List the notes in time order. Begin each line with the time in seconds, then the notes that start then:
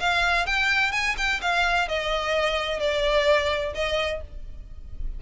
0.00 F5
0.46 G5
0.92 G#5
1.17 G5
1.41 F5
1.88 D#5
2.80 D5
3.75 D#5